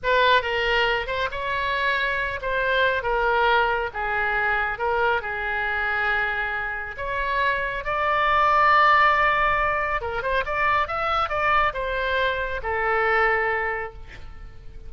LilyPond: \new Staff \with { instrumentName = "oboe" } { \time 4/4 \tempo 4 = 138 b'4 ais'4. c''8 cis''4~ | cis''4. c''4. ais'4~ | ais'4 gis'2 ais'4 | gis'1 |
cis''2 d''2~ | d''2. ais'8 c''8 | d''4 e''4 d''4 c''4~ | c''4 a'2. | }